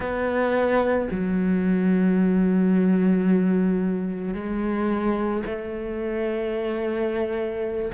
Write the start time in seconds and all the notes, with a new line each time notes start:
0.00 B3
1.11 F#3
4.33 G#3
5.45 A3